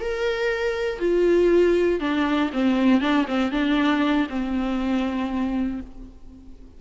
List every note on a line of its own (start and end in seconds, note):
0.00 0.99 A#4
0.99 2.00 F4
2.00 2.50 D4
2.53 3.01 C4
3.01 3.26 D4
3.28 3.52 C4
3.52 4.27 D4
4.29 5.80 C4